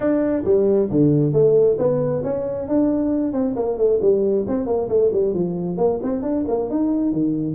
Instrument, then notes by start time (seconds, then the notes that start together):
tuba
0.00 D4
0.44 G3
0.90 D3
1.32 A3
1.78 B3
2.23 C#4
2.67 D4
3.32 C4
3.56 A#3
3.77 A3
4.01 G3
4.47 C4
4.66 A#3
4.88 A3
5.12 G3
5.34 F3
5.77 A#3
6.02 C4
6.22 D4
6.48 A#3
6.70 D#4
7.12 D#3